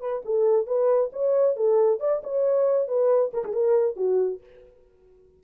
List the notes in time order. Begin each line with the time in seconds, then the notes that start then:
0.00 B4
0.24 A4
0.66 B4
1.12 C#5
1.56 A4
2.00 D5
2.23 C#5
2.87 B4
3.33 A#4
3.44 G#4
3.53 A#4
3.96 F#4